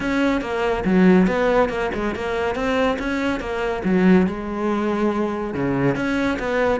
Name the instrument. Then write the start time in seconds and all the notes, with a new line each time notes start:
cello
0.00 C#4
0.41 A#3
0.84 F#3
1.27 B3
1.69 A#3
1.94 G#3
2.15 A#3
2.55 C4
2.98 C#4
3.39 A#3
3.84 F#3
4.27 G#3
5.53 C#3
5.95 C#4
6.39 B3